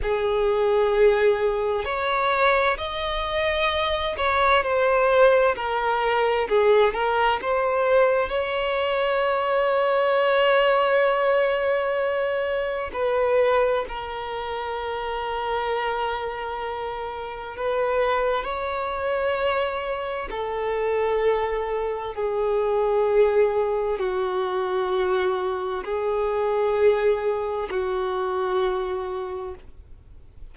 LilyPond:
\new Staff \with { instrumentName = "violin" } { \time 4/4 \tempo 4 = 65 gis'2 cis''4 dis''4~ | dis''8 cis''8 c''4 ais'4 gis'8 ais'8 | c''4 cis''2.~ | cis''2 b'4 ais'4~ |
ais'2. b'4 | cis''2 a'2 | gis'2 fis'2 | gis'2 fis'2 | }